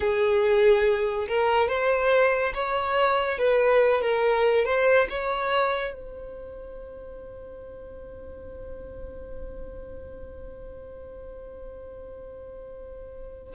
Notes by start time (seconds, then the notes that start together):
0.00 G#4
1.28 A#4
1.68 C5
2.54 C#5
3.38 B4
4.01 A#4
4.65 C5
5.09 C#5
5.93 C5